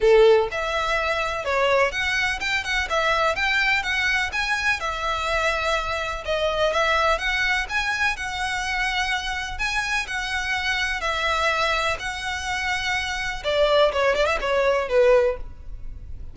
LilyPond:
\new Staff \with { instrumentName = "violin" } { \time 4/4 \tempo 4 = 125 a'4 e''2 cis''4 | fis''4 g''8 fis''8 e''4 g''4 | fis''4 gis''4 e''2~ | e''4 dis''4 e''4 fis''4 |
gis''4 fis''2. | gis''4 fis''2 e''4~ | e''4 fis''2. | d''4 cis''8 d''16 e''16 cis''4 b'4 | }